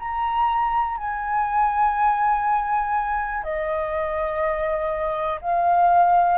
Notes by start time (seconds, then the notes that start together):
0.00 A#5
0.98 G#5
3.44 D#5
5.42 F5